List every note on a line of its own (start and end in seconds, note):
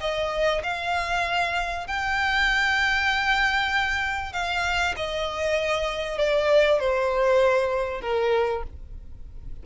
0.00 0.62 D#5
0.63 1.87 F5
1.87 4.32 G5
4.32 4.94 F5
4.96 6.18 D#5
6.18 6.79 D5
6.79 8.01 C5
8.01 8.63 A#4